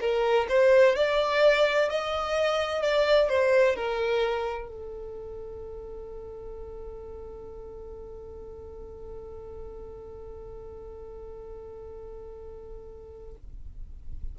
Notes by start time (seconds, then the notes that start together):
0.00 A#4
0.49 C5
0.95 D5
1.89 D#5
2.82 D5
3.29 C5
3.75 A#4
4.68 A4